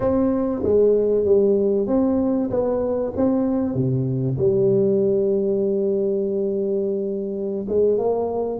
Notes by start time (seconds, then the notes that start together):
0.00 C4
0.63 G#3
1.24 G3
1.87 C4
2.50 B3
3.16 C4
3.74 C3
4.38 G3
7.68 G#3
7.98 A#3